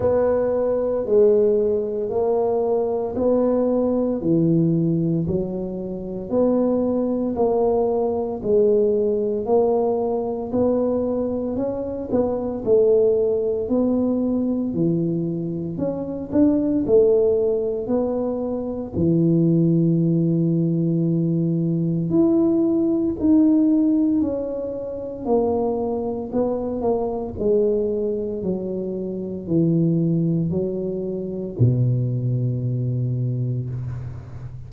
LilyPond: \new Staff \with { instrumentName = "tuba" } { \time 4/4 \tempo 4 = 57 b4 gis4 ais4 b4 | e4 fis4 b4 ais4 | gis4 ais4 b4 cis'8 b8 | a4 b4 e4 cis'8 d'8 |
a4 b4 e2~ | e4 e'4 dis'4 cis'4 | ais4 b8 ais8 gis4 fis4 | e4 fis4 b,2 | }